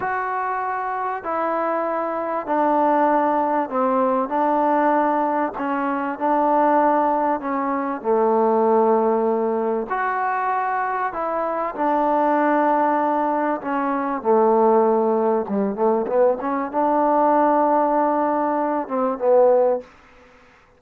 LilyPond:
\new Staff \with { instrumentName = "trombone" } { \time 4/4 \tempo 4 = 97 fis'2 e'2 | d'2 c'4 d'4~ | d'4 cis'4 d'2 | cis'4 a2. |
fis'2 e'4 d'4~ | d'2 cis'4 a4~ | a4 g8 a8 b8 cis'8 d'4~ | d'2~ d'8 c'8 b4 | }